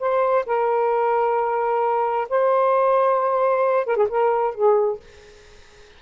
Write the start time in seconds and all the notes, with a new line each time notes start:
0.00 C5
0.46 A#4
2.29 C5
3.87 A#4
3.97 G#4
4.09 A#4
4.55 G#4